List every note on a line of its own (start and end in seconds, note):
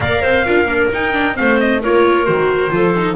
0.00 0.21 A#3
0.00 0.45 A#4
0.00 0.22 D5
0.00 0.89 F5
0.22 0.46 C4
0.22 0.44 C5
0.44 0.64 D4
0.44 0.67 F4
0.44 1.35 A#4
0.64 0.87 A#3
0.64 0.91 D4
0.92 1.12 D#4
0.92 1.38 D#4
0.92 1.36 G5
1.12 1.33 D4
1.33 1.79 C4
1.33 1.81 C5
1.33 1.59 F5
1.39 1.84 A3
1.60 1.82 D#5
1.81 2.28 A#3
1.81 2.25 F4
1.81 2.72 A#4
1.81 2.25 C#5
2.25 2.71 D#3
2.25 2.70 F#4
2.25 3.16 C5
2.70 3.16 F3
2.70 2.92 F4
2.70 3.16 A4
2.97 3.16 D#4